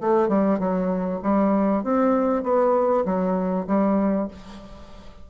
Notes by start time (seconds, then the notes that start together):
0.00 A3
0.28 G3
0.59 F#3
1.22 G3
1.83 C4
2.43 B3
3.05 F#3
3.66 G3